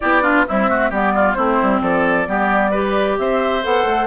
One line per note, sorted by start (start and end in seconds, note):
0.00 0.48 B3
0.00 0.22 E4
0.00 0.22 G4
0.00 0.44 D5
0.22 0.45 D4
0.22 0.45 F4
0.47 0.68 G3
0.47 0.90 C4
0.47 0.69 E4
0.47 0.92 E5
0.68 0.91 A3
0.68 0.89 F#4
0.89 1.36 G3
0.89 1.36 B3
0.89 1.12 G4
0.89 1.34 D5
1.14 1.36 F4
1.34 1.60 A3
1.34 2.26 C4
1.34 1.82 E4
1.34 1.79 C5
1.61 1.81 G3
1.81 2.26 F3
1.81 2.28 A4
1.81 3.18 D5
2.26 3.18 G3
2.26 2.71 B3
2.26 2.70 G4
2.70 3.62 G4
2.70 3.16 B4
3.18 3.64 C4
3.18 4.07 C5
3.18 3.63 E5
3.62 3.84 B3
3.62 4.07 A4
3.62 4.07 F#5
3.84 4.07 A3